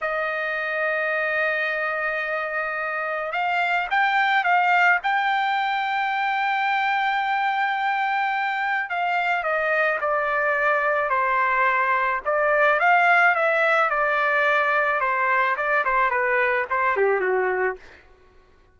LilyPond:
\new Staff \with { instrumentName = "trumpet" } { \time 4/4 \tempo 4 = 108 dis''1~ | dis''2 f''4 g''4 | f''4 g''2.~ | g''1 |
f''4 dis''4 d''2 | c''2 d''4 f''4 | e''4 d''2 c''4 | d''8 c''8 b'4 c''8 g'8 fis'4 | }